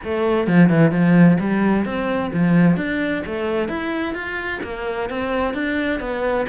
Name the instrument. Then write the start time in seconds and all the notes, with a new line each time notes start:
cello
0.04 A3
0.47 F3
0.69 E3
0.91 F3
1.40 G3
1.85 C4
2.33 F3
2.77 D4
3.25 A3
3.68 E4
4.14 F4
4.63 A#3
5.09 C4
5.53 D4
6.00 B3